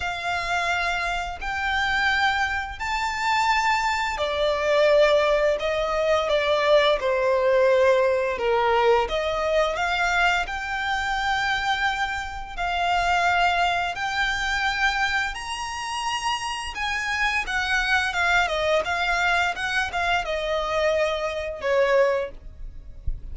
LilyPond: \new Staff \with { instrumentName = "violin" } { \time 4/4 \tempo 4 = 86 f''2 g''2 | a''2 d''2 | dis''4 d''4 c''2 | ais'4 dis''4 f''4 g''4~ |
g''2 f''2 | g''2 ais''2 | gis''4 fis''4 f''8 dis''8 f''4 | fis''8 f''8 dis''2 cis''4 | }